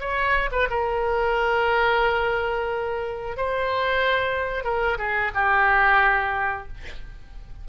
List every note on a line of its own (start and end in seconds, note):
0.00 0.50 C#5
0.52 0.68 B4
0.70 3.37 A#4
3.37 4.64 C5
4.64 4.98 A#4
4.98 5.32 G#4
5.35 6.68 G4